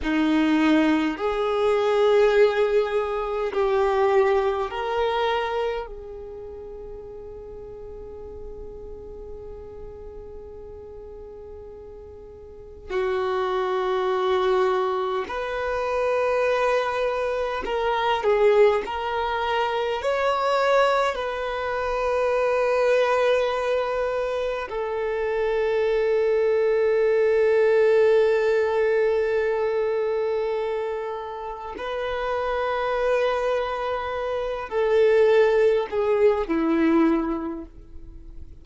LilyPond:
\new Staff \with { instrumentName = "violin" } { \time 4/4 \tempo 4 = 51 dis'4 gis'2 g'4 | ais'4 gis'2.~ | gis'2. fis'4~ | fis'4 b'2 ais'8 gis'8 |
ais'4 cis''4 b'2~ | b'4 a'2.~ | a'2. b'4~ | b'4. a'4 gis'8 e'4 | }